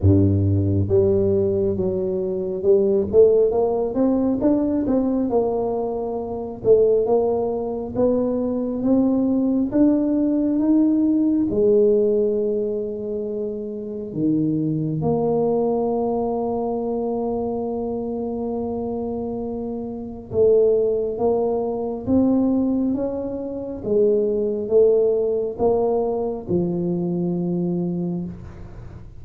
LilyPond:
\new Staff \with { instrumentName = "tuba" } { \time 4/4 \tempo 4 = 68 g,4 g4 fis4 g8 a8 | ais8 c'8 d'8 c'8 ais4. a8 | ais4 b4 c'4 d'4 | dis'4 gis2. |
dis4 ais2.~ | ais2. a4 | ais4 c'4 cis'4 gis4 | a4 ais4 f2 | }